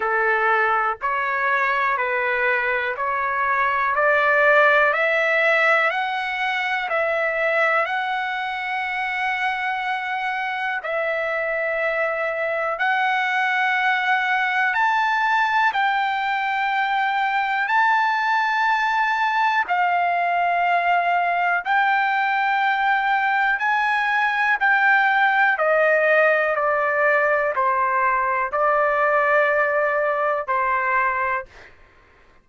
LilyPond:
\new Staff \with { instrumentName = "trumpet" } { \time 4/4 \tempo 4 = 61 a'4 cis''4 b'4 cis''4 | d''4 e''4 fis''4 e''4 | fis''2. e''4~ | e''4 fis''2 a''4 |
g''2 a''2 | f''2 g''2 | gis''4 g''4 dis''4 d''4 | c''4 d''2 c''4 | }